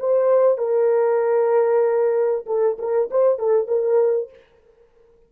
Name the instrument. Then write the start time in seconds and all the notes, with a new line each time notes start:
horn
0.00 C5
0.58 A#4
2.46 A4
2.79 A#4
3.11 C5
3.39 A4
3.68 A#4